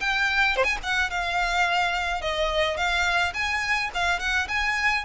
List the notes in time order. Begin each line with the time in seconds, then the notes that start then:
0.00 G5
0.56 C5
0.64 G#5
0.83 F#5
1.10 F5
2.21 D#5
2.77 F5
3.34 G#5
3.94 F5
4.19 F#5
4.48 G#5